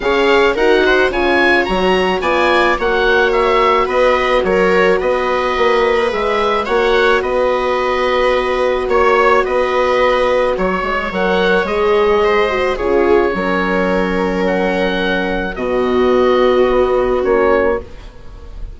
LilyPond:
<<
  \new Staff \with { instrumentName = "oboe" } { \time 4/4 \tempo 4 = 108 f''4 fis''4 gis''4 ais''4 | gis''4 fis''4 e''4 dis''4 | cis''4 dis''2 e''4 | fis''4 dis''2. |
cis''4 dis''2 cis''4 | fis''4 dis''2 cis''4~ | cis''2 fis''2 | dis''2. cis''4 | }
  \new Staff \with { instrumentName = "viola" } { \time 4/4 cis''4 ais'8 c''8 cis''2 | d''4 cis''2 b'4 | ais'4 b'2. | cis''4 b'2. |
cis''4 b'2 cis''4~ | cis''2 c''4 gis'4 | ais'1 | fis'1 | }
  \new Staff \with { instrumentName = "horn" } { \time 4/4 gis'4 fis'4 f'4 fis'4 | f'4 fis'2.~ | fis'2. gis'4 | fis'1~ |
fis'1 | ais'4 gis'4. fis'8 f'4 | cis'1 | b2. cis'4 | }
  \new Staff \with { instrumentName = "bassoon" } { \time 4/4 cis4 dis'4 cis4 fis4 | b4 ais2 b4 | fis4 b4 ais4 gis4 | ais4 b2. |
ais4 b2 fis8 gis8 | fis4 gis2 cis4 | fis1 | b,2 b4 ais4 | }
>>